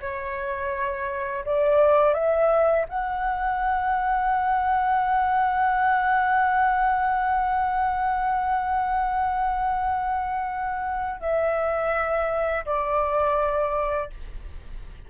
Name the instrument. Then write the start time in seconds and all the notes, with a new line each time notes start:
flute
0.00 C#5
1.45 D5
2.13 E5
2.88 F#5
11.20 E5
12.65 D5